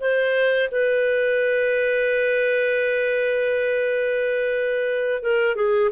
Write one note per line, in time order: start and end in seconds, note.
0.00 0.70 C5
0.71 5.23 B4
5.23 5.55 A#4
5.55 5.90 G#4